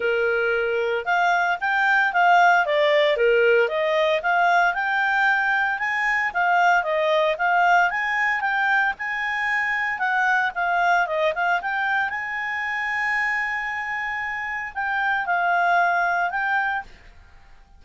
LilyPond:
\new Staff \with { instrumentName = "clarinet" } { \time 4/4 \tempo 4 = 114 ais'2 f''4 g''4 | f''4 d''4 ais'4 dis''4 | f''4 g''2 gis''4 | f''4 dis''4 f''4 gis''4 |
g''4 gis''2 fis''4 | f''4 dis''8 f''8 g''4 gis''4~ | gis''1 | g''4 f''2 g''4 | }